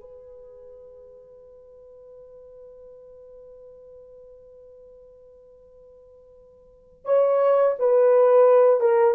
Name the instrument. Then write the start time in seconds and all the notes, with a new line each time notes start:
horn
0.00 B4
7.05 C#5
7.79 B4
8.80 A#4